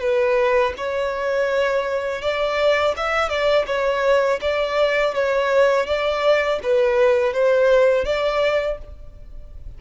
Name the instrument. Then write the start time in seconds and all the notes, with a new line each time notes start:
violin
0.00 B4
0.77 C#5
2.22 D5
2.96 E5
3.29 D5
3.66 C#5
4.41 D5
5.14 C#5
5.86 D5
6.63 B4
7.33 C5
8.05 D5